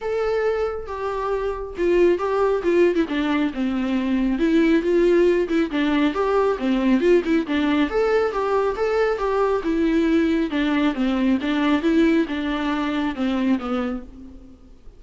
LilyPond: \new Staff \with { instrumentName = "viola" } { \time 4/4 \tempo 4 = 137 a'2 g'2 | f'4 g'4 f'8. e'16 d'4 | c'2 e'4 f'4~ | f'8 e'8 d'4 g'4 c'4 |
f'8 e'8 d'4 a'4 g'4 | a'4 g'4 e'2 | d'4 c'4 d'4 e'4 | d'2 c'4 b4 | }